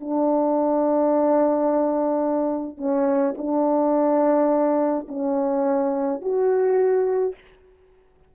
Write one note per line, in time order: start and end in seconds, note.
0.00 2.77 D4
2.77 3.34 C#4
3.37 5.07 D4
5.08 6.21 C#4
6.21 7.34 F#4